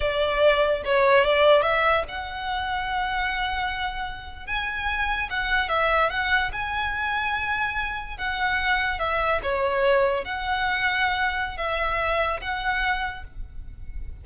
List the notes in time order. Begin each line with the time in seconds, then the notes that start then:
0.00 D5
0.84 C#5
1.24 D5
1.62 E5
2.08 F#5
4.46 G#5
5.30 F#5
5.68 E5
6.10 F#5
6.52 G#5
8.17 F#5
8.99 E5
9.43 C#5
10.24 F#5
11.57 E5
12.41 F#5